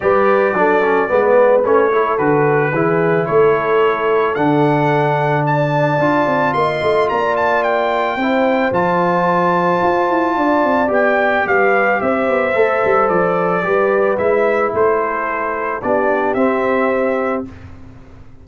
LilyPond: <<
  \new Staff \with { instrumentName = "trumpet" } { \time 4/4 \tempo 4 = 110 d''2. cis''4 | b'2 cis''2 | fis''2 a''2 | c'''4 ais''8 a''8 g''2 |
a''1 | g''4 f''4 e''2 | d''2 e''4 c''4~ | c''4 d''4 e''2 | }
  \new Staff \with { instrumentName = "horn" } { \time 4/4 b'4 a'4 b'4. a'8~ | a'4 gis'4 a'2~ | a'2 d''2 | dis''4 d''2 c''4~ |
c''2. d''4~ | d''4 b'4 c''2~ | c''4 b'2 a'4~ | a'4 g'2. | }
  \new Staff \with { instrumentName = "trombone" } { \time 4/4 g'4 d'8 cis'8 b4 cis'8 e'8 | fis'4 e'2. | d'2. f'4~ | f'2. e'4 |
f'1 | g'2. a'4~ | a'4 g'4 e'2~ | e'4 d'4 c'2 | }
  \new Staff \with { instrumentName = "tuba" } { \time 4/4 g4 fis4 gis4 a4 | d4 e4 a2 | d2. d'8 c'8 | ais8 a8 ais2 c'4 |
f2 f'8 e'8 d'8 c'8 | b4 g4 c'8 b8 a8 g8 | f4 g4 gis4 a4~ | a4 b4 c'2 | }
>>